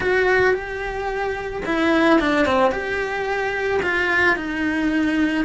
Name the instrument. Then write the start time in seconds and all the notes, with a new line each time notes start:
cello
0.00 F#4
0.54 G4
1.65 E4
2.20 D4
2.45 C4
2.71 G4
3.82 F4
4.36 D#4